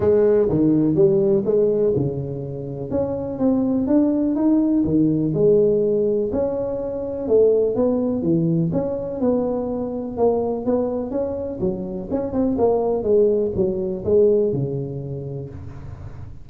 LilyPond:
\new Staff \with { instrumentName = "tuba" } { \time 4/4 \tempo 4 = 124 gis4 dis4 g4 gis4 | cis2 cis'4 c'4 | d'4 dis'4 dis4 gis4~ | gis4 cis'2 a4 |
b4 e4 cis'4 b4~ | b4 ais4 b4 cis'4 | fis4 cis'8 c'8 ais4 gis4 | fis4 gis4 cis2 | }